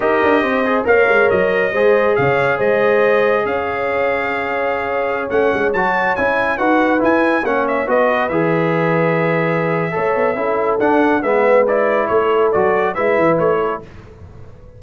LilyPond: <<
  \new Staff \with { instrumentName = "trumpet" } { \time 4/4 \tempo 4 = 139 dis''2 f''4 dis''4~ | dis''4 f''4 dis''2 | f''1~ | f''16 fis''4 a''4 gis''4 fis''8.~ |
fis''16 gis''4 fis''8 e''8 dis''4 e''8.~ | e''1~ | e''4 fis''4 e''4 d''4 | cis''4 d''4 e''4 cis''4 | }
  \new Staff \with { instrumentName = "horn" } { \time 4/4 ais'4 c''4 cis''2 | c''4 cis''4 c''2 | cis''1~ | cis''2.~ cis''16 b'8.~ |
b'4~ b'16 cis''4 b'4.~ b'16~ | b'2. cis''4 | a'2 b'2 | a'2 b'4. a'8 | }
  \new Staff \with { instrumentName = "trombone" } { \time 4/4 g'4. gis'8 ais'2 | gis'1~ | gis'1~ | gis'16 cis'4 fis'4 e'4 fis'8.~ |
fis'16 e'4 cis'4 fis'4 gis'8.~ | gis'2. a'4 | e'4 d'4 b4 e'4~ | e'4 fis'4 e'2 | }
  \new Staff \with { instrumentName = "tuba" } { \time 4/4 dis'8 d'8 c'4 ais8 gis8 fis4 | gis4 cis4 gis2 | cis'1~ | cis'16 a8 gis8 fis4 cis'4 dis'8.~ |
dis'16 e'4 ais4 b4 e8.~ | e2. a8 b8 | cis'4 d'4 gis2 | a4 fis4 gis8 e8 a4 | }
>>